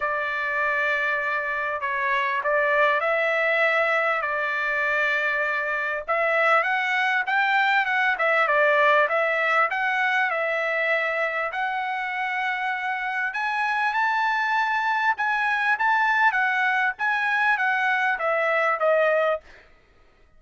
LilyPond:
\new Staff \with { instrumentName = "trumpet" } { \time 4/4 \tempo 4 = 99 d''2. cis''4 | d''4 e''2 d''4~ | d''2 e''4 fis''4 | g''4 fis''8 e''8 d''4 e''4 |
fis''4 e''2 fis''4~ | fis''2 gis''4 a''4~ | a''4 gis''4 a''4 fis''4 | gis''4 fis''4 e''4 dis''4 | }